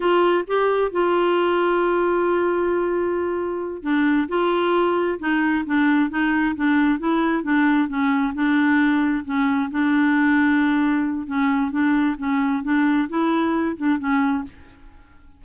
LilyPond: \new Staff \with { instrumentName = "clarinet" } { \time 4/4 \tempo 4 = 133 f'4 g'4 f'2~ | f'1~ | f'8 d'4 f'2 dis'8~ | dis'8 d'4 dis'4 d'4 e'8~ |
e'8 d'4 cis'4 d'4.~ | d'8 cis'4 d'2~ d'8~ | d'4 cis'4 d'4 cis'4 | d'4 e'4. d'8 cis'4 | }